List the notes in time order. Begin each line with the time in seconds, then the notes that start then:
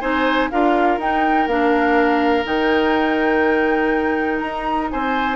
0.00 C4 D#4 C5 G#5
0.50 D4 F4 A#4 F5
0.98 D#4 G5
1.46 A#3 D4 F5
2.44 D#3 D#4 G5
4.39 D#4 A#5
4.91 C4 C5 G#5